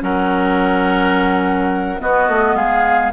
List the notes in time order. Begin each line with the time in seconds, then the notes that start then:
0.00 F#3 C#4 A#4 F#5
1.99 B3 F#4 D#5
2.28 A3
2.55 G#3 G#4 F5